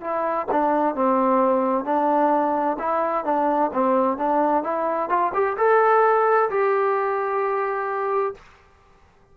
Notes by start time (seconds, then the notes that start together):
0.00 E4
0.51 D4
0.94 C4
1.84 D4
2.79 E4
3.24 D4
3.73 C4
4.17 D4
4.63 E4
5.09 F4
5.33 G4
5.57 A4
6.50 G4